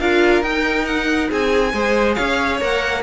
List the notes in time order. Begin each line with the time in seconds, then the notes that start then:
0.00 D4 F4 A#4 F5
0.42 D#4 G5
0.86 F#5
1.30 C4 G#4 G#5
1.73 G#3 G#4 C5
2.15 C#4 C#5 F5
2.60 A#3 A#4 F#5